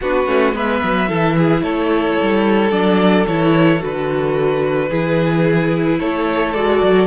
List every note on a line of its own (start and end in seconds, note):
0.00 0.26 B3
0.00 0.26 D4
0.00 0.55 F#4
0.00 0.56 B4
0.26 0.53 A3
0.26 0.53 C#4
0.53 0.80 G#3
0.53 1.08 B3
0.53 1.08 B4
0.53 1.63 E5
0.83 1.10 F#3
1.08 1.62 E3
1.08 2.71 E4
1.08 1.35 A4
1.37 1.63 G#4
1.62 2.16 A3
1.62 4.89 A4
1.62 2.70 C#5
2.21 2.71 G3
2.70 3.25 F#3
2.70 3.25 D4
2.70 3.25 D5
3.27 3.82 E3
3.27 3.78 E4
3.27 3.81 C#5
3.78 4.90 D3
3.78 4.87 F#4
3.78 5.99 B4
4.89 5.99 E3
4.89 6.54 E4
4.89 5.98 G#4
5.99 6.54 A3
5.99 7.07 A4
5.99 6.53 C#5
6.53 6.81 G#3
6.53 7.07 F#4
6.53 7.07 D5
6.82 7.07 F#3